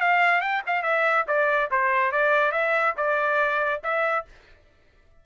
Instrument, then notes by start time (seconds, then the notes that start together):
trumpet
0.00 F5
0.41 G5
0.66 F5
0.82 E5
1.27 D5
1.71 C5
2.12 D5
2.51 E5
2.96 D5
3.83 E5